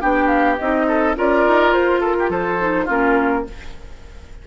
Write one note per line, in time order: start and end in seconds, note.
0.00 0.59 B3
0.00 0.57 D4
0.00 0.86 G4
0.00 0.27 G5
0.27 0.55 F5
0.58 1.16 C4
0.58 1.15 D#4
0.58 1.15 D#5
0.87 1.16 A4
1.15 1.45 C#4
1.15 2.58 F4
1.15 2.00 A#4
1.15 1.72 D5
1.47 1.72 D#4
1.72 2.29 F4
1.72 2.01 C5
2.00 2.15 A4
2.00 2.31 A#4
2.19 2.30 G4
2.29 2.86 F3
2.29 2.85 A4
2.29 2.88 C5
2.59 2.87 D#4
2.85 3.46 A#3
2.85 3.44 C#4
2.85 3.42 F4
2.85 3.47 A#4